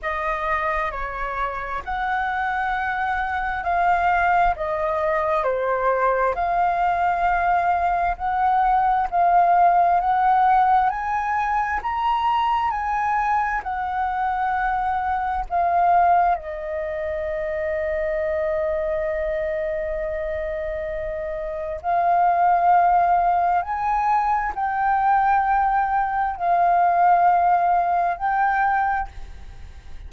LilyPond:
\new Staff \with { instrumentName = "flute" } { \time 4/4 \tempo 4 = 66 dis''4 cis''4 fis''2 | f''4 dis''4 c''4 f''4~ | f''4 fis''4 f''4 fis''4 | gis''4 ais''4 gis''4 fis''4~ |
fis''4 f''4 dis''2~ | dis''1 | f''2 gis''4 g''4~ | g''4 f''2 g''4 | }